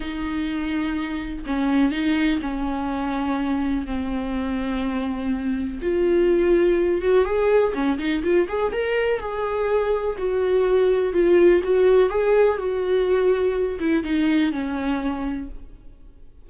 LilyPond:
\new Staff \with { instrumentName = "viola" } { \time 4/4 \tempo 4 = 124 dis'2. cis'4 | dis'4 cis'2. | c'1 | f'2~ f'8 fis'8 gis'4 |
cis'8 dis'8 f'8 gis'8 ais'4 gis'4~ | gis'4 fis'2 f'4 | fis'4 gis'4 fis'2~ | fis'8 e'8 dis'4 cis'2 | }